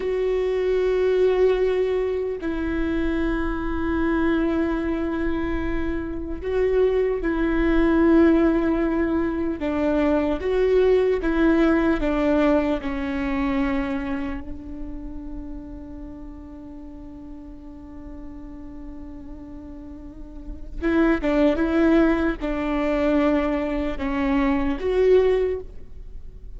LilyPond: \new Staff \with { instrumentName = "viola" } { \time 4/4 \tempo 4 = 75 fis'2. e'4~ | e'1 | fis'4 e'2. | d'4 fis'4 e'4 d'4 |
cis'2 d'2~ | d'1~ | d'2 e'8 d'8 e'4 | d'2 cis'4 fis'4 | }